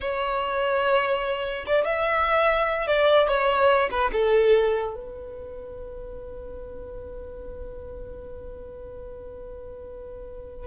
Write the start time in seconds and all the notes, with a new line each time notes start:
0.00 C#5
1.66 D5
1.84 E5
2.87 D5
3.28 C#5
3.90 B4
4.12 A4
4.95 B4